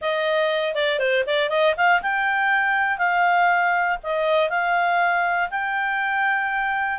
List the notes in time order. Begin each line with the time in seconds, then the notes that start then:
0.01 D#5
0.74 D5
0.99 C5
1.26 D5
1.49 D#5
1.76 F5
2.01 G5
2.98 F5
4.03 D#5
4.49 F5
5.50 G5